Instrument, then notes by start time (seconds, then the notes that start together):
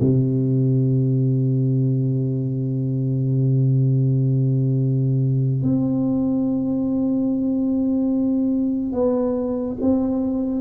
tuba
0.00 C3
5.62 C4
8.92 B3
9.81 C4